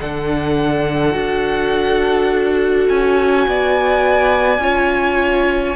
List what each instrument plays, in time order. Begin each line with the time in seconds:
0.00 cello D3, viola D4, violin A4 F#5
1.12 cello D4, viola F#4
2.88 cello C#4, violin G#5
3.47 cello B3, violin D5
4.59 cello C#4, viola F4, violin C#5